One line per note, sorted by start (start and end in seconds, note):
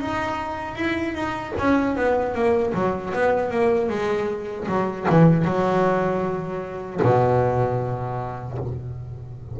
0.00 0.75 D#4
0.75 1.14 E4
1.14 1.53 D#4
1.59 1.96 C#4
1.96 2.34 B3
2.34 2.73 A#3
2.74 3.13 F#3
3.14 3.51 B3
3.51 3.89 A#3
3.89 4.67 G#3
4.68 5.07 F#3
5.10 5.45 E3
5.45 7.01 F#3
7.02 8.58 B2